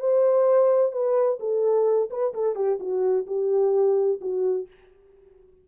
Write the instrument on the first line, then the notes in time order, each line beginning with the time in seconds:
horn
0.00 C5
0.92 B4
1.40 A4
2.11 B4
2.34 A4
2.56 G4
2.80 F#4
3.27 G4
4.21 F#4